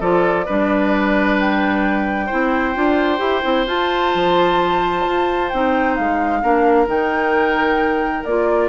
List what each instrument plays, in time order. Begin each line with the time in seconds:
0.00 bassoon F3, clarinet F4, oboe A4, flute D5
0.46 bassoon G3, clarinet D4, oboe B4
1.40 flute G5
2.26 bassoon C4, clarinet E4, oboe C5
2.74 bassoon D4, clarinet F4
3.18 bassoon E4, clarinet G4
3.43 bassoon C4, clarinet E4
3.67 bassoon F4, clarinet F4, flute A5
4.15 bassoon F3
5.06 bassoon F4
5.49 bassoon C4, clarinet D#4, flute G5
5.95 bassoon G#3, flute F5
6.42 bassoon A#3, clarinet D4, oboe A#4
6.87 bassoon D#3, clarinet D#4, flute G5
8.24 bassoon A#3, clarinet F4, flute D5